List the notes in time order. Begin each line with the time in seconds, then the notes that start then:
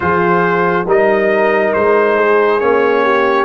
0.00 F3 F4 G#4 C5
0.86 G3 D#4 A#4 D#5
1.73 G#3 C5
2.17 G#4
2.60 A#3 C#4 C#5
3.04 G4